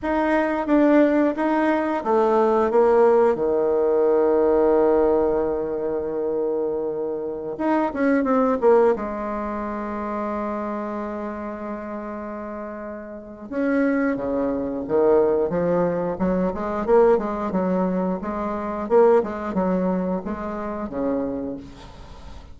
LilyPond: \new Staff \with { instrumentName = "bassoon" } { \time 4/4 \tempo 4 = 89 dis'4 d'4 dis'4 a4 | ais4 dis2.~ | dis2.~ dis16 dis'8 cis'16~ | cis'16 c'8 ais8 gis2~ gis8.~ |
gis1 | cis'4 cis4 dis4 f4 | fis8 gis8 ais8 gis8 fis4 gis4 | ais8 gis8 fis4 gis4 cis4 | }